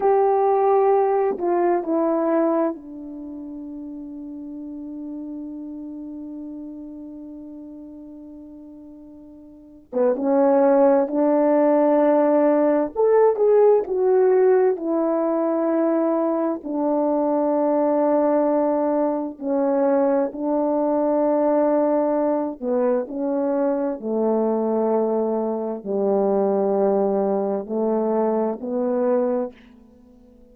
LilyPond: \new Staff \with { instrumentName = "horn" } { \time 4/4 \tempo 4 = 65 g'4. f'8 e'4 d'4~ | d'1~ | d'2~ d'8. b16 cis'4 | d'2 a'8 gis'8 fis'4 |
e'2 d'2~ | d'4 cis'4 d'2~ | d'8 b8 cis'4 a2 | g2 a4 b4 | }